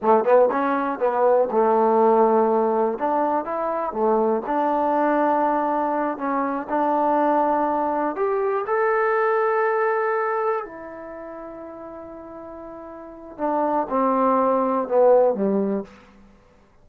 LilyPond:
\new Staff \with { instrumentName = "trombone" } { \time 4/4 \tempo 4 = 121 a8 b8 cis'4 b4 a4~ | a2 d'4 e'4 | a4 d'2.~ | d'8 cis'4 d'2~ d'8~ |
d'8 g'4 a'2~ a'8~ | a'4. e'2~ e'8~ | e'2. d'4 | c'2 b4 g4 | }